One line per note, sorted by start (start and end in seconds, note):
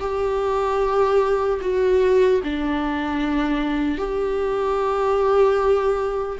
0.00 1.60 G4
1.61 2.41 F#4
2.43 3.98 D4
3.98 6.38 G4